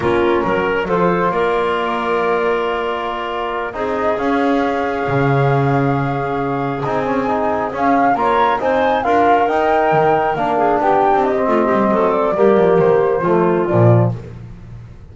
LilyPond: <<
  \new Staff \with { instrumentName = "flute" } { \time 4/4 \tempo 4 = 136 ais'2 c''4 d''4~ | d''1~ | d''8 dis''4 f''2~ f''8~ | f''2.~ f''8 gis''8~ |
gis''4. f''4 ais''4 gis''8~ | gis''8 f''4 g''2 f''8~ | f''8 g''4 dis''2 d''8~ | d''4 c''2 d''4 | }
  \new Staff \with { instrumentName = "clarinet" } { \time 4/4 f'4 ais'4 a'4 ais'4~ | ais'1~ | ais'8 gis'2.~ gis'8~ | gis'1~ |
gis'2~ gis'8 cis''4 c''8~ | c''8 ais'2.~ ais'8 | gis'8 g'4. f'8 g'8 a'4 | g'2 f'2 | }
  \new Staff \with { instrumentName = "trombone" } { \time 4/4 cis'2 f'2~ | f'1~ | f'8 dis'4 cis'2~ cis'8~ | cis'2.~ cis'8 dis'8 |
cis'8 dis'4 cis'4 f'4 dis'8~ | dis'8 f'4 dis'2 d'8~ | d'4.~ d'16 c'2~ c'16 | ais2 a4 f4 | }
  \new Staff \with { instrumentName = "double bass" } { \time 4/4 ais4 fis4 f4 ais4~ | ais1~ | ais8 c'4 cis'2 cis8~ | cis2.~ cis8 c'8~ |
c'4. cis'4 ais4 c'8~ | c'8 d'4 dis'4 dis4 ais8~ | ais8 b8. c'8. a8 g8 fis4 | g8 f8 dis4 f4 ais,4 | }
>>